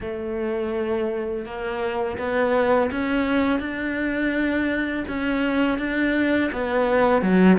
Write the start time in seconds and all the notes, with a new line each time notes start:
0.00 A3
1.45 A#3
2.18 B3
2.91 C#4
3.59 D4
5.08 C#4
5.78 D4
6.52 B3
7.22 F#3